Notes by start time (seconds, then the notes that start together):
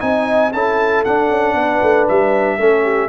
0.00 C4 D#4 G#5
0.06 D#5
0.53 C#4 E4 A4 A5
1.05 D4 F#5
1.29 C#4
1.54 B3 B4
1.82 A3
2.08 G3 E5
2.59 A3 C#4 A4
2.83 G4